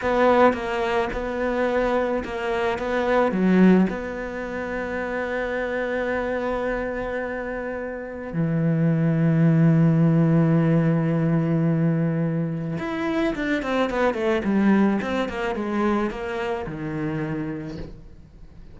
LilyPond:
\new Staff \with { instrumentName = "cello" } { \time 4/4 \tempo 4 = 108 b4 ais4 b2 | ais4 b4 fis4 b4~ | b1~ | b2. e4~ |
e1~ | e2. e'4 | d'8 c'8 b8 a8 g4 c'8 ais8 | gis4 ais4 dis2 | }